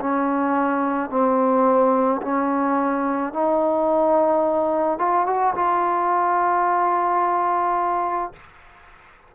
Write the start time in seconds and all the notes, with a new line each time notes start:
0.00 C#4
1.10 C4
2.22 C#4
3.33 D#4
4.98 F4
5.26 F#4
5.55 F4